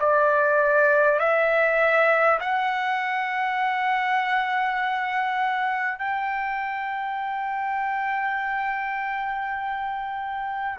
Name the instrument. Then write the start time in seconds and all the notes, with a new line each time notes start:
trumpet
0.00 D5
1.19 E5
2.41 F#5
5.99 G5